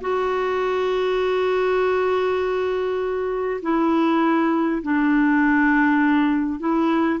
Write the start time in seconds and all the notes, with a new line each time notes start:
0.00 F#4
3.62 E4
4.82 D4
6.59 E4